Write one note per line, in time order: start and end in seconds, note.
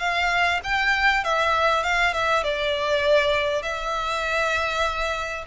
0.00 0.61 F5
0.64 1.24 G5
1.24 1.84 E5
1.84 2.14 F5
2.14 2.44 E5
2.44 3.63 D5
3.63 5.45 E5